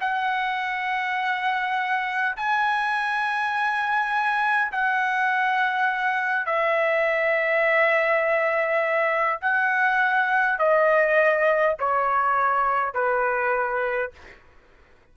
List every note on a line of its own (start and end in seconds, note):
0.00 2.35 F#5
2.36 4.72 G#5
4.72 6.45 F#5
6.45 9.40 E5
9.41 10.59 F#5
10.59 11.76 D#5
11.79 12.94 C#5
12.94 14.11 B4